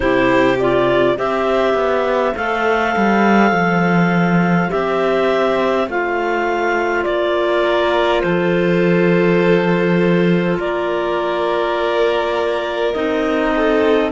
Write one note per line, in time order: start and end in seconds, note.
0.00 1.18 C3
0.00 0.55 E4
0.00 1.16 G4
0.00 0.58 C5
0.59 1.16 F4
0.59 1.17 D5
1.16 1.74 C4
1.16 2.34 G4
1.16 7.63 C5
1.16 2.35 E5
1.74 2.33 B3
2.35 2.95 A3
2.35 4.69 A4
2.35 4.70 F5
2.96 3.51 G3
3.51 4.69 F3
4.69 5.87 C4
4.69 5.87 G4
4.69 5.88 E5
5.87 7.05 A3
5.87 12.95 F4
5.87 7.04 F5
7.04 8.23 A#3
7.04 8.21 D5
7.63 8.22 A#4
8.21 10.58 F3
8.21 10.59 A4
8.21 10.56 C5
10.59 12.94 A#3
10.59 13.53 A#4
10.59 12.93 D5
12.93 14.11 C4
12.93 14.11 D#4
12.93 14.11 D#5
13.55 14.11 A4